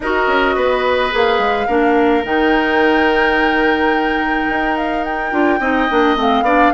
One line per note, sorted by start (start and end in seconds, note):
0.00 0.25 D#4
0.00 1.11 F#4
0.00 0.55 A#4
0.00 1.15 D#5
0.27 0.55 C#4
0.55 1.12 B3
0.55 1.67 B4
1.11 1.38 A#3
1.11 1.67 G#4
1.11 2.25 F5
1.38 1.66 G#3
1.67 2.24 A#3
1.67 2.23 D4
1.67 5.59 A#4
2.23 4.48 D#3
2.23 5.31 D#4
2.23 4.77 G5
4.49 5.32 D#4
4.77 5.04 F5
5.04 6.16 G5
5.31 5.59 D4
5.31 5.59 F4
5.59 5.87 C4
5.59 5.88 D#4
5.59 6.44 D#5
5.89 6.16 A#3
5.89 6.16 D4
6.16 6.41 A3
6.16 6.44 C4
6.16 6.73 F5
6.41 6.69 B3
6.41 6.73 D4
6.41 6.72 D5